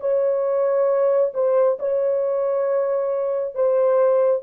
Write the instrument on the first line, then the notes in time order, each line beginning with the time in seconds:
horn
0.00 C#5
1.34 C5
1.79 C#5
3.55 C5